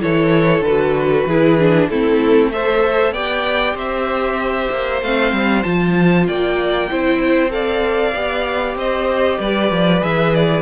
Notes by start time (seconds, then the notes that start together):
0.00 E3 E4 A4 C#5
0.61 D3 B4
0.67 F#4
1.26 E3 E4 G#4
1.60 D4
1.89 A3 C4 E4 A4
2.52 A4 C5 E5
3.12 B3 G4 D5 G5
3.75 C4 C5 E5
4.70 A#3
5.02 A3 C4 F5
5.32 G3
5.63 F3 F4 A5
6.27 A#3 D5 G5
6.90 C4 E4 C5
7.50 A4 D5 F5
8.15 B3 G4
8.75 C4 C5 D#5
9.39 G3 B4 D5
9.71 F3
10.01 E3 G#4 E5
10.34 D5